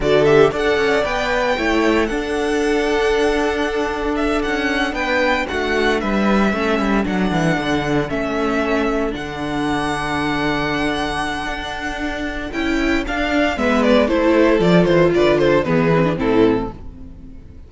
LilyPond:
<<
  \new Staff \with { instrumentName = "violin" } { \time 4/4 \tempo 4 = 115 d''8 e''8 fis''4 g''2 | fis''1 | e''8 fis''4 g''4 fis''4 e''8~ | e''4. fis''2 e''8~ |
e''4. fis''2~ fis''8~ | fis''1 | g''4 f''4 e''8 d''8 c''4 | d''8 c''8 d''8 c''8 b'4 a'4 | }
  \new Staff \with { instrumentName = "violin" } { \time 4/4 a'4 d''2 cis''4 | a'1~ | a'4. b'4 fis'4 b'8~ | b'8 a'2.~ a'8~ |
a'1~ | a'1~ | a'2 b'4 a'4~ | a'4 b'8 a'8 gis'4 e'4 | }
  \new Staff \with { instrumentName = "viola" } { \time 4/4 fis'8 g'8 a'4 b'4 e'4 | d'1~ | d'1~ | d'8 cis'4 d'2 cis'8~ |
cis'4. d'2~ d'8~ | d'1 | e'4 d'4 b4 e'4 | f'2 b8 c'16 d'16 c'4 | }
  \new Staff \with { instrumentName = "cello" } { \time 4/4 d4 d'8 cis'8 b4 a4 | d'1~ | d'8 cis'4 b4 a4 g8~ | g8 a8 g8 fis8 e8 d4 a8~ |
a4. d2~ d8~ | d2 d'2 | cis'4 d'4 gis4 a4 | f8 e8 d4 e4 a,4 | }
>>